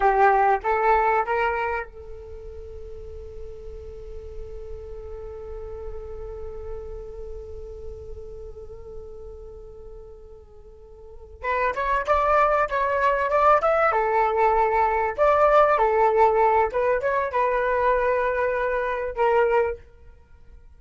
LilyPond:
\new Staff \with { instrumentName = "flute" } { \time 4/4 \tempo 4 = 97 g'4 a'4 ais'4 a'4~ | a'1~ | a'1~ | a'1~ |
a'2~ a'8 b'8 cis''8 d''8~ | d''8 cis''4 d''8 e''8 a'4.~ | a'8 d''4 a'4. b'8 cis''8 | b'2. ais'4 | }